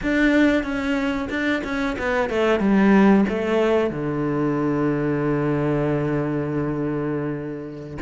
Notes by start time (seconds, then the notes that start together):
0.03 D4
0.63 C#4
1.29 D4
1.63 C#4
1.98 B3
2.29 A3
2.59 G3
3.28 A3
3.90 D3